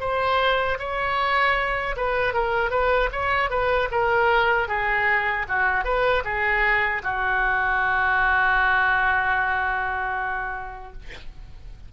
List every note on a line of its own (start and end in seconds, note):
0.00 0.78 C5
0.79 1.96 C#5
1.96 2.33 B4
2.33 2.71 A#4
2.71 3.10 B4
3.12 3.50 C#5
3.50 3.89 B4
3.91 4.68 A#4
4.68 5.46 G#4
5.49 5.84 F#4
5.84 6.23 B4
6.24 7.02 G#4
7.03 10.93 F#4